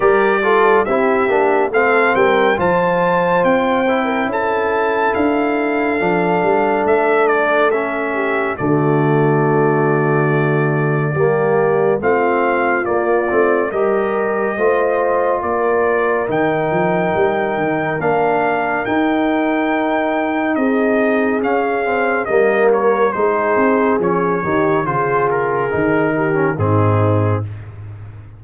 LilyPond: <<
  \new Staff \with { instrumentName = "trumpet" } { \time 4/4 \tempo 4 = 70 d''4 e''4 f''8 g''8 a''4 | g''4 a''4 f''2 | e''8 d''8 e''4 d''2~ | d''2 f''4 d''4 |
dis''2 d''4 g''4~ | g''4 f''4 g''2 | dis''4 f''4 dis''8 cis''8 c''4 | cis''4 c''8 ais'4. gis'4 | }
  \new Staff \with { instrumentName = "horn" } { \time 4/4 ais'8 a'8 g'4 a'8 ais'8 c''4~ | c''8. ais'16 a'2.~ | a'4. g'8 fis'2~ | fis'4 g'4 f'2 |
ais'4 c''4 ais'2~ | ais'1 | gis'2 ais'4 gis'4~ | gis'8 g'8 gis'4. g'8 dis'4 | }
  \new Staff \with { instrumentName = "trombone" } { \time 4/4 g'8 f'8 e'8 d'8 c'4 f'4~ | f'8 e'2~ e'8 d'4~ | d'4 cis'4 a2~ | a4 ais4 c'4 ais8 c'8 |
g'4 f'2 dis'4~ | dis'4 d'4 dis'2~ | dis'4 cis'8 c'8 ais4 dis'4 | cis'8 dis'8 f'4 dis'8. cis'16 c'4 | }
  \new Staff \with { instrumentName = "tuba" } { \time 4/4 g4 c'8 ais8 a8 g8 f4 | c'4 cis'4 d'4 f8 g8 | a2 d2~ | d4 g4 a4 ais8 a8 |
g4 a4 ais4 dis8 f8 | g8 dis8 ais4 dis'2 | c'4 cis'4 g4 gis8 c'8 | f8 dis8 cis4 dis4 gis,4 | }
>>